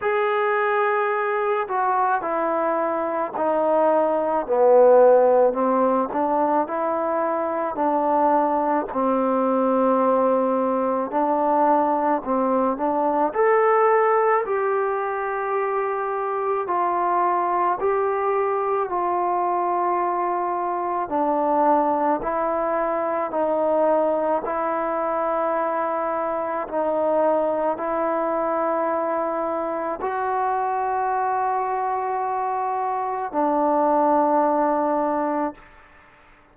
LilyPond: \new Staff \with { instrumentName = "trombone" } { \time 4/4 \tempo 4 = 54 gis'4. fis'8 e'4 dis'4 | b4 c'8 d'8 e'4 d'4 | c'2 d'4 c'8 d'8 | a'4 g'2 f'4 |
g'4 f'2 d'4 | e'4 dis'4 e'2 | dis'4 e'2 fis'4~ | fis'2 d'2 | }